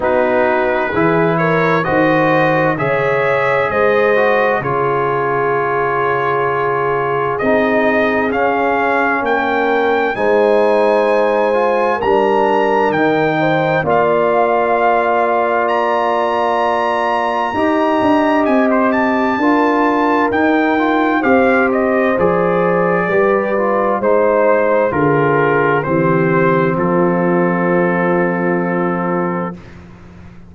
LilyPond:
<<
  \new Staff \with { instrumentName = "trumpet" } { \time 4/4 \tempo 4 = 65 b'4. cis''8 dis''4 e''4 | dis''4 cis''2. | dis''4 f''4 g''4 gis''4~ | gis''4 ais''4 g''4 f''4~ |
f''4 ais''2. | gis''16 c''16 a''4. g''4 f''8 dis''8 | d''2 c''4 ais'4 | c''4 a'2. | }
  \new Staff \with { instrumentName = "horn" } { \time 4/4 fis'4 gis'8 ais'8 c''4 cis''4 | c''4 gis'2.~ | gis'2 ais'4 c''4~ | c''4 ais'4. c''8 d''4~ |
d''2. dis''4~ | dis''4 ais'2 c''4~ | c''4 b'4 c''4 gis'4 | g'4 f'2. | }
  \new Staff \with { instrumentName = "trombone" } { \time 4/4 dis'4 e'4 fis'4 gis'4~ | gis'8 fis'8 f'2. | dis'4 cis'2 dis'4~ | dis'8 f'8 d'4 dis'4 f'4~ |
f'2. g'4~ | g'4 f'4 dis'8 f'8 g'4 | gis'4 g'8 f'8 dis'4 f'4 | c'1 | }
  \new Staff \with { instrumentName = "tuba" } { \time 4/4 b4 e4 dis4 cis4 | gis4 cis2. | c'4 cis'4 ais4 gis4~ | gis4 g4 dis4 ais4~ |
ais2. dis'8 d'8 | c'4 d'4 dis'4 c'4 | f4 g4 gis4 d4 | e4 f2. | }
>>